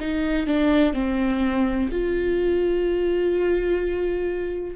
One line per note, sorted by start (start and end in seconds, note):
0.00 0.47 D#4
0.47 0.94 D4
0.94 1.89 C4
1.92 4.76 F4